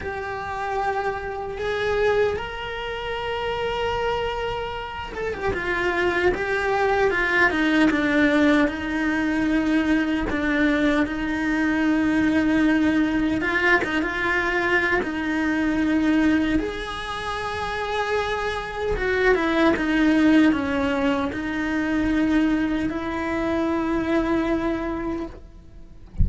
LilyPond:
\new Staff \with { instrumentName = "cello" } { \time 4/4 \tempo 4 = 76 g'2 gis'4 ais'4~ | ais'2~ ais'8 a'16 g'16 f'4 | g'4 f'8 dis'8 d'4 dis'4~ | dis'4 d'4 dis'2~ |
dis'4 f'8 dis'16 f'4~ f'16 dis'4~ | dis'4 gis'2. | fis'8 e'8 dis'4 cis'4 dis'4~ | dis'4 e'2. | }